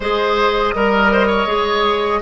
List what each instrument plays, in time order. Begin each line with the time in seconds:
0.00 bassoon G#3, clarinet G#4, oboe C5, flute D#5
0.74 bassoon G3, clarinet A#4, oboe A#4
1.12 oboe C5
1.27 oboe C#5
1.46 bassoon G#3, clarinet G#4